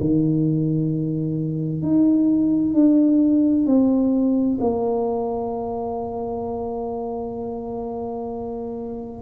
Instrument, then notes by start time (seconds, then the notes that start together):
tuba
0.00 D#3
1.82 D#4
2.74 D4
3.66 C4
4.60 A#3